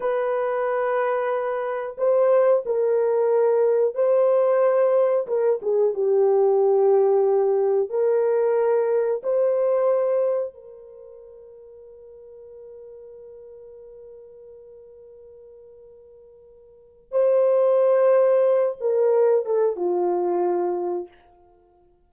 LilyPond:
\new Staff \with { instrumentName = "horn" } { \time 4/4 \tempo 4 = 91 b'2. c''4 | ais'2 c''2 | ais'8 gis'8 g'2. | ais'2 c''2 |
ais'1~ | ais'1~ | ais'2 c''2~ | c''8 ais'4 a'8 f'2 | }